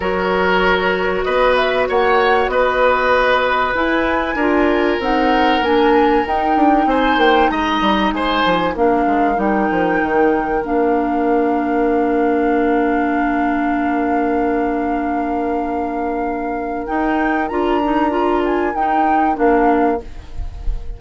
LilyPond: <<
  \new Staff \with { instrumentName = "flute" } { \time 4/4 \tempo 4 = 96 cis''2 dis''8 e''8 fis''4 | dis''2 gis''2 | fis''4 gis''4 g''4 gis''8 g''8 | ais''4 gis''4 f''4 g''4~ |
g''4 f''2.~ | f''1~ | f''2. g''4 | ais''4. gis''8 g''4 f''4 | }
  \new Staff \with { instrumentName = "oboe" } { \time 4/4 ais'2 b'4 cis''4 | b'2. ais'4~ | ais'2. c''4 | dis''4 c''4 ais'2~ |
ais'1~ | ais'1~ | ais'1~ | ais'1 | }
  \new Staff \with { instrumentName = "clarinet" } { \time 4/4 fis'1~ | fis'2 e'4 f'4 | dis'4 d'4 dis'2~ | dis'2 d'4 dis'4~ |
dis'4 d'2.~ | d'1~ | d'2. dis'4 | f'8 dis'8 f'4 dis'4 d'4 | }
  \new Staff \with { instrumentName = "bassoon" } { \time 4/4 fis2 b4 ais4 | b2 e'4 d'4 | c'4 ais4 dis'8 d'8 c'8 ais8 | gis8 g8 gis8 f8 ais8 gis8 g8 f8 |
dis4 ais2.~ | ais1~ | ais2. dis'4 | d'2 dis'4 ais4 | }
>>